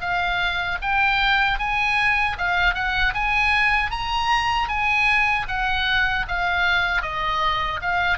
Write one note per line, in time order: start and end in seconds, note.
0.00 0.78 F5
0.81 1.58 G5
1.58 2.36 G#5
2.38 2.74 F5
2.74 3.13 F#5
3.14 3.91 G#5
3.91 4.68 A#5
4.68 5.46 G#5
5.48 6.26 F#5
6.28 7.02 F5
7.02 7.80 D#5
7.81 8.18 F5